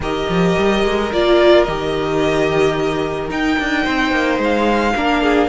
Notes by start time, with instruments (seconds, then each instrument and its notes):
0.00 cello D#3, viola G4, violin A#4 D#5
0.28 cello F3
0.57 cello G3
0.84 cello G#3
1.12 cello A#3, viola F4, violin D5
1.64 cello D#3, viola G4, violin D#5
3.29 viola D#4, cello D#4, violin G5
3.59 cello D4
3.83 cello C4, violin C5
4.11 cello A#3
4.38 cello G#3, violin F5
4.96 cello A#3, viola D4, violin A#4
5.21 violin G#4